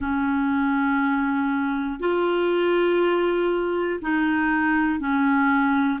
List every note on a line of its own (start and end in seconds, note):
0.00 2.00 C#4
2.00 4.00 F4
4.01 4.99 D#4
4.99 5.99 C#4